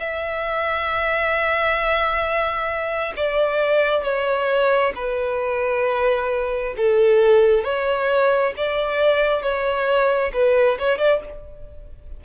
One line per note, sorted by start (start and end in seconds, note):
0.00 3.13 E5
3.16 4.03 D5
4.03 4.93 C#5
4.95 6.74 B4
6.77 7.64 A4
7.64 8.54 C#5
8.57 9.42 D5
9.42 10.32 C#5
10.34 10.78 B4
10.79 10.98 C#5
10.98 11.20 D5